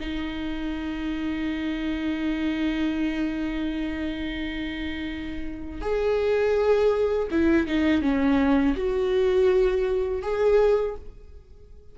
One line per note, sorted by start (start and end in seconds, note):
0.00 5.82 D#4
5.82 7.28 G#4
7.31 7.68 E4
7.68 8.02 D#4
8.02 8.75 C#4
8.76 10.22 F#4
10.22 10.96 G#4